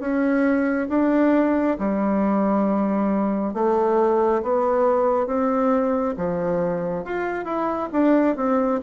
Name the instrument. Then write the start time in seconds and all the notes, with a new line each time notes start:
bassoon
0.00 C#4
0.89 D4
1.79 G3
3.54 A3
4.43 B3
5.27 C4
6.17 F3
7.05 F4
7.45 E4
7.93 D4
8.37 C4